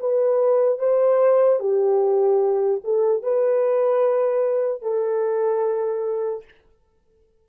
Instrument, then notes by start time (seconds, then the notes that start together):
horn
0.00 B4
0.79 C5
1.60 G4
2.84 A4
3.23 B4
4.82 A4